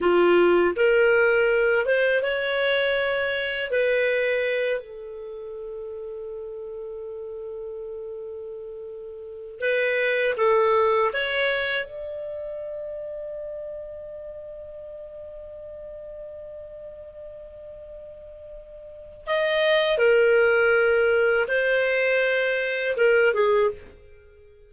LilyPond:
\new Staff \with { instrumentName = "clarinet" } { \time 4/4 \tempo 4 = 81 f'4 ais'4. c''8 cis''4~ | cis''4 b'4. a'4.~ | a'1~ | a'4 b'4 a'4 cis''4 |
d''1~ | d''1~ | d''2 dis''4 ais'4~ | ais'4 c''2 ais'8 gis'8 | }